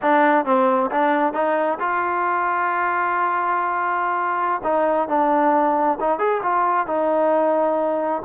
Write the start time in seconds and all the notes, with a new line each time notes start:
0.01 D4
0.45 C4
0.91 D4
1.33 D#4
1.79 F4
4.63 D#4
5.08 D4
5.99 D#4
6.18 G#4
6.42 F4
6.87 D#4